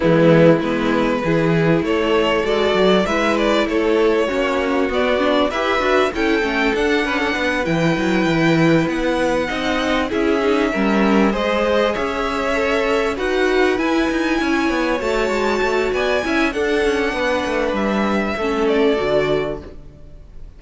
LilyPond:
<<
  \new Staff \with { instrumentName = "violin" } { \time 4/4 \tempo 4 = 98 e'4 b'2 cis''4 | d''4 e''8 d''8 cis''2 | d''4 e''4 g''4 fis''4~ | fis''8 g''2 fis''4.~ |
fis''8 e''2 dis''4 e''8~ | e''4. fis''4 gis''4.~ | gis''8 a''4. gis''4 fis''4~ | fis''4 e''4. d''4. | }
  \new Staff \with { instrumentName = "violin" } { \time 4/4 b4 e'4 gis'4 a'4~ | a'4 b'4 a'4 fis'4~ | fis'4 b'4 a'4. b'16 a'16 | b'2.~ b'8 dis''8~ |
dis''8 gis'4 ais'4 c''4 cis''8~ | cis''4. b'2 cis''8~ | cis''2 d''8 e''8 a'4 | b'2 a'2 | }
  \new Staff \with { instrumentName = "viola" } { \time 4/4 gis4 b4 e'2 | fis'4 e'2 cis'4 | b8 d'8 g'8 fis'8 e'8 cis'8 d'4~ | d'8 e'2. dis'8~ |
dis'8 e'8 dis'8 cis'4 gis'4.~ | gis'8 a'4 fis'4 e'4.~ | e'8 fis'2 e'8 d'4~ | d'2 cis'4 fis'4 | }
  \new Staff \with { instrumentName = "cello" } { \time 4/4 e4 gis4 e4 a4 | gis8 fis8 gis4 a4 ais4 | b4 e'8 d'8 cis'8 a8 d'8 cis'8 | b8 e8 fis8 e4 b4 c'8~ |
c'8 cis'4 g4 gis4 cis'8~ | cis'4. dis'4 e'8 dis'8 cis'8 | b8 a8 gis8 a8 b8 cis'8 d'8 cis'8 | b8 a8 g4 a4 d4 | }
>>